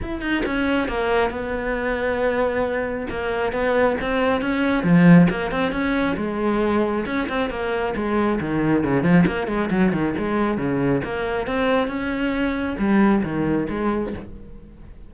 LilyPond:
\new Staff \with { instrumentName = "cello" } { \time 4/4 \tempo 4 = 136 e'8 dis'8 cis'4 ais4 b4~ | b2. ais4 | b4 c'4 cis'4 f4 | ais8 c'8 cis'4 gis2 |
cis'8 c'8 ais4 gis4 dis4 | cis8 f8 ais8 gis8 fis8 dis8 gis4 | cis4 ais4 c'4 cis'4~ | cis'4 g4 dis4 gis4 | }